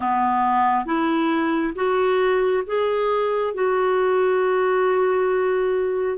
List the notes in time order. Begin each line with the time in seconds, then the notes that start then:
0.00 B3
0.85 E4
1.75 F#4
2.66 G#4
3.54 F#4